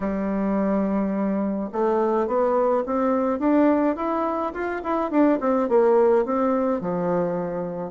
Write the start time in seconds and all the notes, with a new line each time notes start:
0.00 G3
1.72 A3
2.27 B3
2.86 C4
3.39 D4
3.96 E4
4.53 F4
4.83 E4
5.10 D4
5.40 C4
5.68 A#3
6.25 C4
6.81 F3